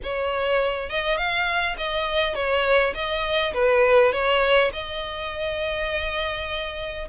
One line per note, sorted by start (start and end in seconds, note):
0.03 0.89 C#5
0.89 1.17 D#5
1.17 1.75 F5
1.77 2.34 D#5
2.34 2.93 C#5
2.94 3.53 D#5
3.53 4.12 B4
4.12 4.71 C#5
4.72 7.08 D#5